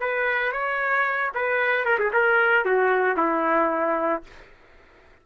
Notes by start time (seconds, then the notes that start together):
0.00 B4
0.52 C#5
1.35 B4
1.85 A#4
1.99 G#4
2.13 A#4
2.65 F#4
3.17 E4